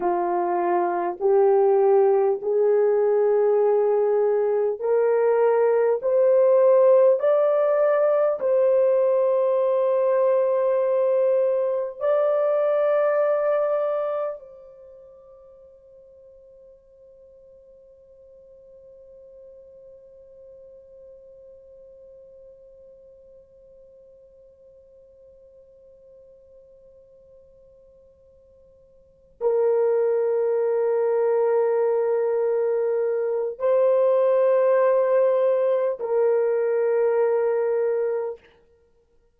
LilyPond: \new Staff \with { instrumentName = "horn" } { \time 4/4 \tempo 4 = 50 f'4 g'4 gis'2 | ais'4 c''4 d''4 c''4~ | c''2 d''2 | c''1~ |
c''1~ | c''1~ | c''8 ais'2.~ ais'8 | c''2 ais'2 | }